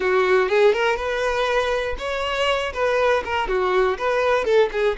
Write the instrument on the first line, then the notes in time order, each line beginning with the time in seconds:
violin
0.00 F#4
0.48 G#4
0.73 A#4
0.96 B4
1.98 C#5
2.73 B4
3.24 A#4
3.48 F#4
3.98 B4
4.44 A4
4.72 G#4